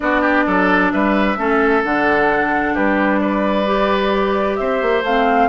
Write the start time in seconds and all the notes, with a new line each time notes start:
0.00 B3 D4 F#4 D5
0.21 G4
0.46 F#3 A4
0.91 G3 B4 E5
1.36 A3 C#4 A4
1.84 D3 D4 F#5
2.74 G3 G4 B4
3.19 B4 D5
3.66 G4
4.56 C4 C5 E5
4.82 A#3
5.02 A3 C4 F5